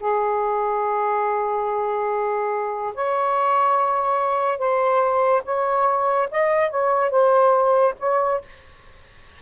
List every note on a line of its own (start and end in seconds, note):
0.00 2.94 G#4
2.94 4.58 C#5
4.58 5.42 C5
5.45 6.29 C#5
6.31 6.70 D#5
6.70 7.10 C#5
7.10 7.94 C5
7.99 8.41 C#5